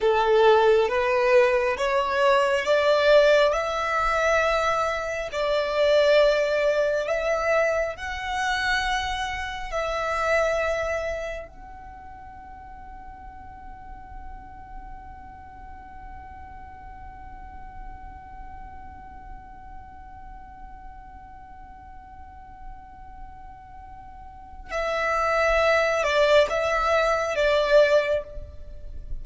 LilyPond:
\new Staff \with { instrumentName = "violin" } { \time 4/4 \tempo 4 = 68 a'4 b'4 cis''4 d''4 | e''2 d''2 | e''4 fis''2 e''4~ | e''4 fis''2.~ |
fis''1~ | fis''1~ | fis''1 | e''4. d''8 e''4 d''4 | }